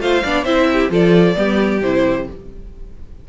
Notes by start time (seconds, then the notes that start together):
0.00 A3 F4 C5 F5
0.24 B3 D4 D5
0.45 C4 E4 C5 E5
0.73 G4
0.90 F3 F4 A4 D5
1.35 G3 B3 G4
1.82 C3 E4 C5